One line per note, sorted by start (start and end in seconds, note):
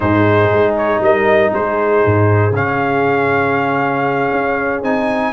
0.00 0.51 G#2
0.00 2.51 D#4
0.00 1.03 G#4
0.00 0.75 C5
0.51 0.99 G#3
0.77 1.02 C#5
0.99 1.50 G3
0.99 1.54 A#4
0.99 1.53 D#5
1.53 2.04 G#3
1.53 5.33 G#4
1.53 2.55 C5
2.05 2.51 G#2
2.51 4.29 C#3
2.51 4.83 C#4
2.51 4.83 F5
4.31 4.81 C#4
4.81 5.32 C4
4.81 5.33 D#4
4.81 5.33 G#5